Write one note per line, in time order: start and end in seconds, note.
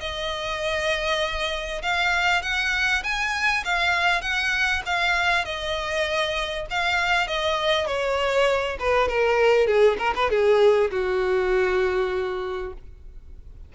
0.00 1.82 D#5
1.82 2.42 F5
2.42 3.03 F#5
3.03 3.64 G#5
3.64 4.21 F5
4.21 4.82 F#5
4.86 5.45 F5
5.45 6.66 D#5
6.70 7.27 F5
7.27 7.86 D#5
7.86 8.77 C#5
8.79 9.08 B4
9.08 9.67 A#4
9.67 9.97 G#4
9.98 10.14 A#4
10.15 10.30 B4
10.30 10.91 G#4
10.91 12.73 F#4